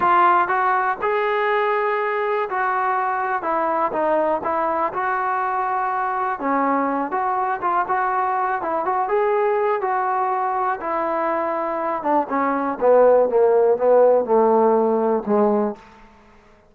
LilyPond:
\new Staff \with { instrumentName = "trombone" } { \time 4/4 \tempo 4 = 122 f'4 fis'4 gis'2~ | gis'4 fis'2 e'4 | dis'4 e'4 fis'2~ | fis'4 cis'4. fis'4 f'8 |
fis'4. e'8 fis'8 gis'4. | fis'2 e'2~ | e'8 d'8 cis'4 b4 ais4 | b4 a2 gis4 | }